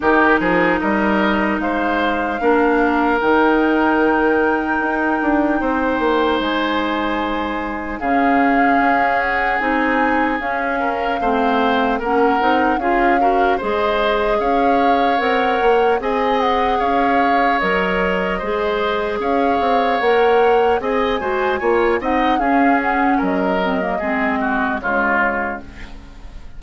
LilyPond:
<<
  \new Staff \with { instrumentName = "flute" } { \time 4/4 \tempo 4 = 75 ais'4 dis''4 f''2 | g''1 | gis''2 f''4. fis''8 | gis''4 f''2 fis''4 |
f''4 dis''4 f''4 fis''4 | gis''8 fis''8 f''4 dis''2 | f''4 fis''4 gis''4. fis''8 | f''8 fis''8 dis''2 cis''4 | }
  \new Staff \with { instrumentName = "oboe" } { \time 4/4 g'8 gis'8 ais'4 c''4 ais'4~ | ais'2. c''4~ | c''2 gis'2~ | gis'4. ais'8 c''4 ais'4 |
gis'8 ais'8 c''4 cis''2 | dis''4 cis''2 c''4 | cis''2 dis''8 c''8 cis''8 dis''8 | gis'4 ais'4 gis'8 fis'8 f'4 | }
  \new Staff \with { instrumentName = "clarinet" } { \time 4/4 dis'2. d'4 | dis'1~ | dis'2 cis'2 | dis'4 cis'4 c'4 cis'8 dis'8 |
f'8 fis'8 gis'2 ais'4 | gis'2 ais'4 gis'4~ | gis'4 ais'4 gis'8 fis'8 f'8 dis'8 | cis'4. c'16 ais16 c'4 gis4 | }
  \new Staff \with { instrumentName = "bassoon" } { \time 4/4 dis8 f8 g4 gis4 ais4 | dis2 dis'8 d'8 c'8 ais8 | gis2 cis4 cis'4 | c'4 cis'4 a4 ais8 c'8 |
cis'4 gis4 cis'4 c'8 ais8 | c'4 cis'4 fis4 gis4 | cis'8 c'8 ais4 c'8 gis8 ais8 c'8 | cis'4 fis4 gis4 cis4 | }
>>